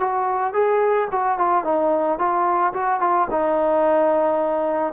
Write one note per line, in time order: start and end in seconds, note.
0.00 0.54 F#4
0.54 1.08 G#4
1.12 1.39 F#4
1.39 1.65 F4
1.65 2.19 D#4
2.19 2.73 F4
2.74 3.01 F#4
3.01 3.28 F4
3.31 4.94 D#4